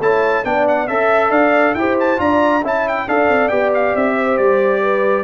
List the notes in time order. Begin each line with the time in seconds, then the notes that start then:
0.00 A3 E4 C#5 A5
0.45 B3 D4 D5 G5
0.68 F#5
0.88 C#4 A4 E5
1.31 D4 D5 F5
1.75 E4 G4 C5 G5
2.00 A5
2.18 D4 F4 D5 A#5
2.63 C#4 E4 E5 A5
2.89 G5
3.08 D4 A4 D5 F5
3.29 C4
3.49 B3 G4 G5
3.75 F5
3.95 C4 E5
4.18 C5
4.38 G3 D5
4.82 B4